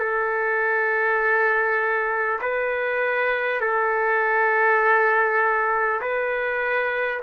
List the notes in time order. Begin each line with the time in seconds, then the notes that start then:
0.00 A4
2.42 B4
3.61 A4
6.01 B4